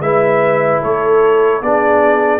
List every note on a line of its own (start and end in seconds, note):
0.00 0.80 G#3
0.00 1.62 E4
0.00 0.82 B4
0.00 0.82 E5
0.82 1.61 A3
0.82 1.62 A4
0.82 1.63 C#5
1.61 2.40 B3
1.61 2.40 D4
1.61 2.40 G#4
1.61 2.40 D5